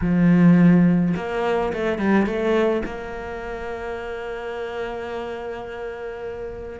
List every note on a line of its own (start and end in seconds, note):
0.01 1.14 F3
1.16 1.72 A#3
1.73 1.98 A3
1.98 2.26 G3
2.26 2.83 A3
2.85 6.79 A#3